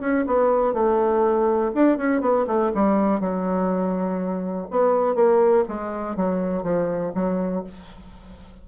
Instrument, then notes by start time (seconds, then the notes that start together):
bassoon
0.00 C#4
0.26 B3
0.73 A3
1.74 D4
1.97 C#4
2.21 B3
2.47 A3
2.74 G3
3.20 F#3
4.70 B3
5.15 A#3
5.68 G#3
6.16 F#3
6.63 F3
7.14 F#3